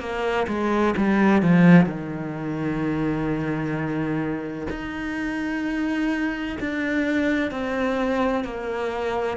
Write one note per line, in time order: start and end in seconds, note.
0.00 0.47 A#3
0.48 0.95 G#3
0.97 1.42 G3
1.42 1.86 F3
1.86 4.67 D#3
4.70 6.58 D#4
6.60 7.51 D4
7.51 8.45 C4
8.45 9.37 A#3